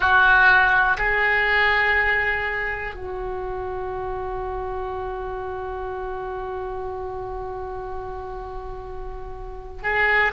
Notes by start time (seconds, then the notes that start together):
0.00 F#4
0.97 G#4
2.94 F#4
9.82 G#4